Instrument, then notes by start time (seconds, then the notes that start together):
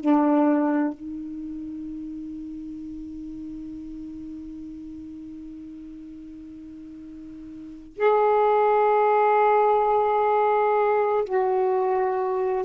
saxophone
0.00 D4
0.93 D#4
7.97 G#4
11.25 F#4